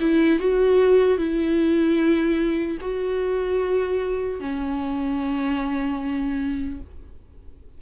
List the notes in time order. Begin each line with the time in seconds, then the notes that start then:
0.00 E4
0.39 F#4
1.17 E4
2.80 F#4
4.40 C#4